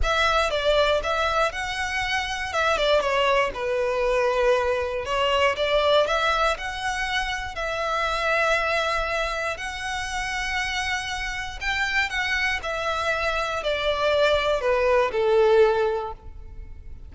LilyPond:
\new Staff \with { instrumentName = "violin" } { \time 4/4 \tempo 4 = 119 e''4 d''4 e''4 fis''4~ | fis''4 e''8 d''8 cis''4 b'4~ | b'2 cis''4 d''4 | e''4 fis''2 e''4~ |
e''2. fis''4~ | fis''2. g''4 | fis''4 e''2 d''4~ | d''4 b'4 a'2 | }